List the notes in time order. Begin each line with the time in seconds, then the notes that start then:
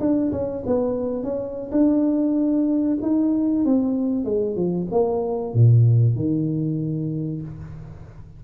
0.00 D4
0.32 C#4
0.66 B3
1.23 C#4
1.71 D4
3.02 D#4
3.65 C4
4.25 G#3
4.56 F3
4.91 A#3
5.53 A#2
6.15 D#3